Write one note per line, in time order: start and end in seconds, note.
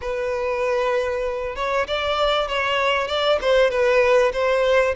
0.01 1.55 B4
1.55 1.86 C#5
1.87 2.47 D5
2.47 3.07 C#5
3.07 3.38 D5
3.41 3.70 C5
3.70 4.32 B4
4.32 4.94 C5